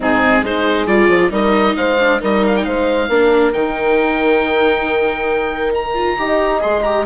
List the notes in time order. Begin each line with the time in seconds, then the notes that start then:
0.00 G#2 C4 D#4 G#4
0.42 G#3 D#4 G#4 C5
0.86 G3 F4 D5
1.08 F3
1.30 G3 D#4 A#4 D#5
1.76 G#3 C5 F5
1.99 D4
2.20 G3 D#4 A#4 D#5
2.47 F5
2.56 G5
2.64 G#3 C5 F5
3.08 A#3 D4 A#4
3.52 D#3 D#4 G5
5.74 A#5
5.94 F4
6.18 D#4 G4 D#5
6.60 G#3 G#4 C6
6.82 G4 A#5